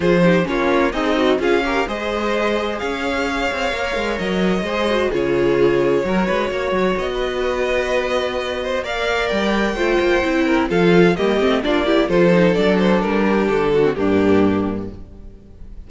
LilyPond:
<<
  \new Staff \with { instrumentName = "violin" } { \time 4/4 \tempo 4 = 129 c''4 cis''4 dis''4 f''4 | dis''2 f''2~ | f''4 dis''2 cis''4~ | cis''2. dis''4~ |
dis''2. f''4 | g''2. f''4 | dis''4 d''4 c''4 d''8 c''8 | ais'4 a'4 g'2 | }
  \new Staff \with { instrumentName = "violin" } { \time 4/4 gis'8 g'8 f'4 dis'4 gis'8 ais'8 | c''2 cis''2~ | cis''2 c''4 gis'4~ | gis'4 ais'8 b'8 cis''4~ cis''16 b'8.~ |
b'2~ b'8 c''8 d''4~ | d''4 c''4. ais'8 a'4 | g'4 f'8 g'8 a'2~ | a'8 g'4 fis'8 d'2 | }
  \new Staff \with { instrumentName = "viola" } { \time 4/4 f'8 dis'8 cis'4 gis'8 fis'8 f'8 g'8 | gis'1 | ais'2 gis'8 fis'8 f'4~ | f'4 fis'2.~ |
fis'2. ais'4~ | ais'4 f'4 e'4 f'4 | ais8 c'8 d'8 e'8 f'8 dis'8 d'4~ | d'4.~ d'16 c'16 ais2 | }
  \new Staff \with { instrumentName = "cello" } { \time 4/4 f4 ais4 c'4 cis'4 | gis2 cis'4. c'8 | ais8 gis8 fis4 gis4 cis4~ | cis4 fis8 gis8 ais8 fis8 b4~ |
b2. ais4 | g4 a8 ais8 c'4 f4 | g8 a8 ais4 f4 fis4 | g4 d4 g,2 | }
>>